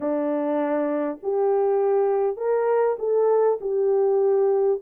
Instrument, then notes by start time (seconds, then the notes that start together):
horn
0.00 D4
1.23 G4
2.36 A#4
2.98 A4
3.60 G4